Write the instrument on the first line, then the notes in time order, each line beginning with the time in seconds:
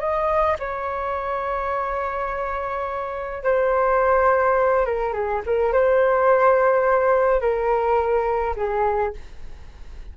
flute
0.00 D#5
0.59 C#5
3.44 C5
4.86 A#4
5.13 G#4
5.46 A#4
5.73 C5
7.41 A#4
8.56 G#4